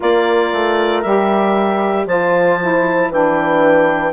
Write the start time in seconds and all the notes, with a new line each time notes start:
0.00 A#3 F4 A#4 D5
0.53 A3
1.02 G3 G4 E5
2.06 F3 F4 C5 A5
2.61 E4
3.09 E3 D4 B4 G5